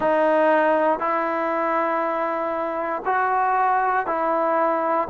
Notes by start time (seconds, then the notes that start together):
0.00 D#4
0.99 E4
3.05 F#4
4.06 E4